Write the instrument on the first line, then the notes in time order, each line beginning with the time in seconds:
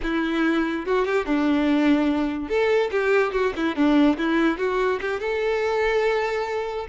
violin
0.02 E4
0.86 F#4
1.05 G4
1.25 D4
2.48 A4
2.91 G4
3.32 F#4
3.56 E4
3.75 D4
4.17 E4
4.58 F#4
5.01 G4
5.20 A4